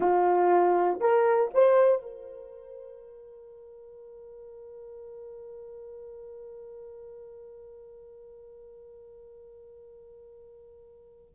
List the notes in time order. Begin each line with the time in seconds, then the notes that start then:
0.00 F4
1.00 A#4
1.54 C5
2.02 A#4